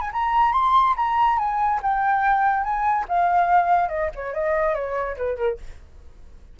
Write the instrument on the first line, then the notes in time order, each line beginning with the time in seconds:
flute
0.00 G#5
0.12 A#5
0.52 C6
0.96 A#5
1.38 G#5
1.82 G5
2.63 G#5
3.08 F5
3.88 D#5
4.15 C#5
4.34 D#5
4.74 C#5
5.16 B4
5.36 A#4